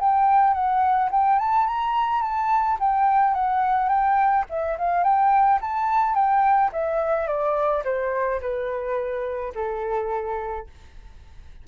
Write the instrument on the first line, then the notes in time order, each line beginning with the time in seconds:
flute
0.00 G5
0.54 F#5
1.11 G5
1.39 A5
1.67 A#5
2.23 A5
2.80 G5
3.34 F#5
3.89 G5
4.50 E5
4.79 F5
5.04 G5
5.62 A5
6.15 G5
6.73 E5
7.27 D5
7.85 C5
8.41 B4
9.55 A4